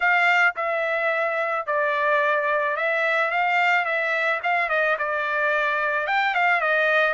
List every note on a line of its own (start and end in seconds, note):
0.00 0.54 F5
0.56 1.66 E5
1.66 2.76 D5
2.76 3.30 E5
3.30 3.85 F5
3.85 4.40 E5
4.43 4.69 F5
4.69 4.96 D#5
4.98 6.07 D5
6.07 6.34 G5
6.34 6.61 F5
6.61 7.13 D#5